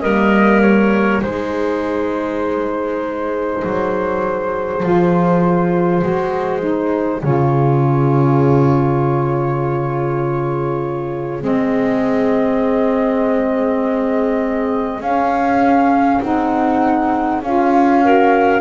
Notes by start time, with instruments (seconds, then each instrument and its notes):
0.00 double bass G3, saxophone A#3, clarinet A#4, flute D#5
0.61 flute C#5
1.21 double bass G#3, saxophone D#4, clarinet G#4, flute C5
3.64 double bass F#3
4.81 double bass F3, saxophone F4
6.01 double bass G#3, saxophone F#4
6.60 saxophone D#4
7.22 double bass C#3, saxophone F4, flute C#5
11.40 double bass G#3, saxophone C4, flute D#5
15.00 double bass C#4, saxophone C#4, flute F5
16.22 double bass C4, saxophone D#4, flute F#5
17.42 double bass C#4, saxophone F4, flute F5
18.04 saxophone F#4, clarinet A#4